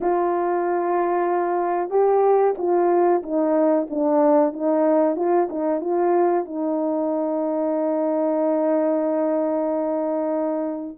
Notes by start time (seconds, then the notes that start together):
0.01 F4
1.89 G4
2.57 F4
3.22 D#4
3.90 D4
4.52 D#4
5.16 F4
5.49 D#4
5.81 F4
6.45 D#4